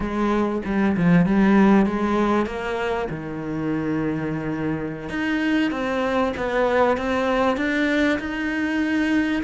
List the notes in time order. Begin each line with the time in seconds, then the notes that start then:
0.00 G#3
0.65 G3
0.96 F3
1.26 G3
1.86 G#3
2.46 A#3
3.10 D#3
5.09 D#4
5.71 C4
6.37 B3
6.97 C4
7.56 D4
8.19 D#4